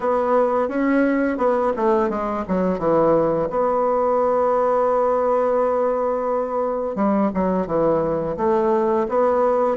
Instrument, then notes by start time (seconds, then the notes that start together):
bassoon
0.00 B3
0.68 C#4
1.37 B3
1.76 A3
2.09 G#3
2.48 F#3
2.78 E3
3.49 B3
6.95 G3
7.34 F#3
7.66 E3
8.37 A3
9.08 B3